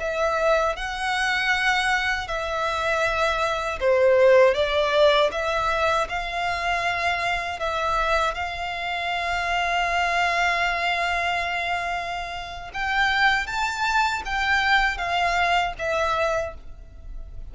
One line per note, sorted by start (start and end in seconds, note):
0.00 0.76 E5
0.76 2.28 F#5
2.28 3.79 E5
3.80 4.55 C5
4.55 5.31 D5
5.32 6.08 E5
6.09 7.60 F5
7.60 8.35 E5
8.35 12.71 F5
12.74 13.47 G5
13.47 14.23 A5
14.25 14.98 G5
14.98 15.74 F5
15.78 16.54 E5